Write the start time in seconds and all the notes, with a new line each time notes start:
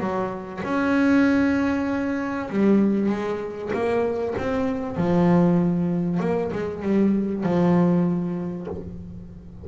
0.00 F#3
0.64 C#4
2.50 G3
3.09 G#3
3.73 A#3
4.38 C4
4.97 F3
6.20 A#3
6.53 G#3
6.83 G3
7.44 F3